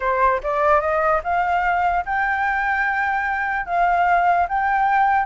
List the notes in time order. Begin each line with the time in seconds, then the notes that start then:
0.00 C5
0.43 D5
0.80 D#5
1.23 F5
2.05 G5
3.66 F5
4.48 G5